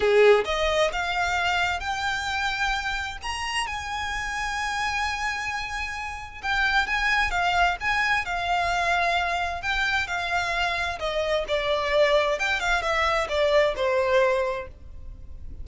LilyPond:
\new Staff \with { instrumentName = "violin" } { \time 4/4 \tempo 4 = 131 gis'4 dis''4 f''2 | g''2. ais''4 | gis''1~ | gis''2 g''4 gis''4 |
f''4 gis''4 f''2~ | f''4 g''4 f''2 | dis''4 d''2 g''8 f''8 | e''4 d''4 c''2 | }